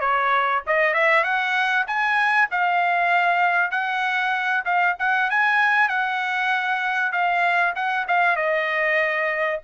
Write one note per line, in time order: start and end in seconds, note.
0.00 0.62 C#5
0.66 0.94 D#5
0.94 1.23 E5
1.23 1.85 F#5
1.87 2.49 G#5
2.51 3.71 F5
3.71 4.63 F#5
4.65 4.96 F5
4.99 5.30 F#5
5.30 5.88 G#5
5.88 7.12 F#5
7.12 7.73 F5
7.75 8.06 F#5
8.08 8.36 F5
8.36 9.60 D#5